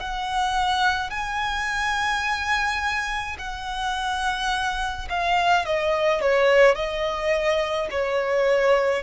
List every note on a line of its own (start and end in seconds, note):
0.00 1.11 F#5
1.11 3.37 G#5
3.39 5.08 F#5
5.09 5.66 F5
5.66 6.22 D#5
6.22 6.75 C#5
6.75 7.88 D#5
7.91 9.03 C#5